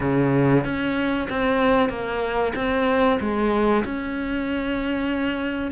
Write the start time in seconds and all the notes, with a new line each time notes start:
0.00 C#3
0.64 C#4
1.29 C4
1.89 A#3
2.55 C4
3.20 G#3
3.84 C#4